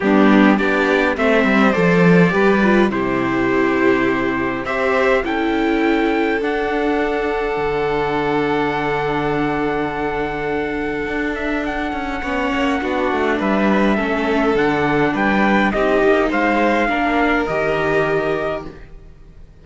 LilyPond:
<<
  \new Staff \with { instrumentName = "trumpet" } { \time 4/4 \tempo 4 = 103 g'4 d''4 e''4 d''4~ | d''4 c''2. | e''4 g''2 fis''4~ | fis''1~ |
fis''2.~ fis''8 e''8 | fis''2. e''4~ | e''4 fis''4 g''4 dis''4 | f''2 dis''2 | }
  \new Staff \with { instrumentName = "violin" } { \time 4/4 d'4 g'4 c''2 | b'4 g'2. | c''4 a'2.~ | a'1~ |
a'1~ | a'4 cis''4 fis'4 b'4 | a'2 b'4 g'4 | c''4 ais'2. | }
  \new Staff \with { instrumentName = "viola" } { \time 4/4 b4 d'4 c'4 a'4 | g'8 f'8 e'2. | g'4 e'2 d'4~ | d'1~ |
d'1~ | d'4 cis'4 d'2 | cis'4 d'2 dis'4~ | dis'4 d'4 g'2 | }
  \new Staff \with { instrumentName = "cello" } { \time 4/4 g4 b4 a8 g8 f4 | g4 c2. | c'4 cis'2 d'4~ | d'4 d2.~ |
d2. d'4~ | d'8 cis'8 b8 ais8 b8 a8 g4 | a4 d4 g4 c'8 ais8 | gis4 ais4 dis2 | }
>>